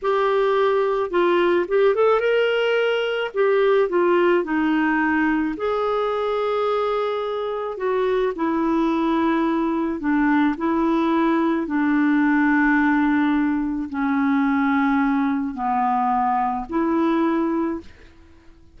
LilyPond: \new Staff \with { instrumentName = "clarinet" } { \time 4/4 \tempo 4 = 108 g'2 f'4 g'8 a'8 | ais'2 g'4 f'4 | dis'2 gis'2~ | gis'2 fis'4 e'4~ |
e'2 d'4 e'4~ | e'4 d'2.~ | d'4 cis'2. | b2 e'2 | }